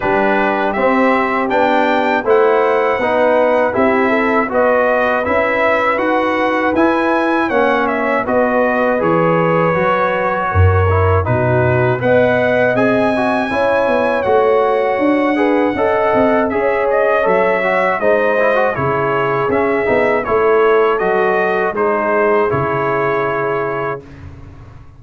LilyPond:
<<
  \new Staff \with { instrumentName = "trumpet" } { \time 4/4 \tempo 4 = 80 b'4 e''4 g''4 fis''4~ | fis''4 e''4 dis''4 e''4 | fis''4 gis''4 fis''8 e''8 dis''4 | cis''2. b'4 |
fis''4 gis''2 fis''4~ | fis''2 e''8 dis''8 e''4 | dis''4 cis''4 e''4 cis''4 | dis''4 c''4 cis''2 | }
  \new Staff \with { instrumentName = "horn" } { \time 4/4 g'2. c''4 | b'4 g'8 a'8 b'2~ | b'2 cis''4 b'4~ | b'2 ais'4 fis'4 |
dis''2 cis''2~ | cis''8 b'8 dis''4 cis''2 | c''4 gis'2 a'4~ | a'4 gis'2. | }
  \new Staff \with { instrumentName = "trombone" } { \time 4/4 d'4 c'4 d'4 e'4 | dis'4 e'4 fis'4 e'4 | fis'4 e'4 cis'4 fis'4 | gis'4 fis'4. e'8 dis'4 |
b'4 gis'8 fis'8 e'4 fis'4~ | fis'8 gis'8 a'4 gis'4 a'8 fis'8 | dis'8 e'16 fis'16 e'4 cis'8 dis'8 e'4 | fis'4 dis'4 e'2 | }
  \new Staff \with { instrumentName = "tuba" } { \time 4/4 g4 c'4 b4 a4 | b4 c'4 b4 cis'4 | dis'4 e'4 ais4 b4 | e4 fis4 fis,4 b,4 |
b4 c'4 cis'8 b8 a4 | d'4 cis'8 c'8 cis'4 fis4 | gis4 cis4 cis'8 b8 a4 | fis4 gis4 cis2 | }
>>